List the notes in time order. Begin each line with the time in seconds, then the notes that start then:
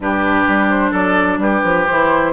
0.00 G2 D4 G4 B4
0.47 G3
0.69 C5
0.91 F#3 A4 D5
1.38 G3 G4 B4
1.64 F3
1.86 E3 E4 C5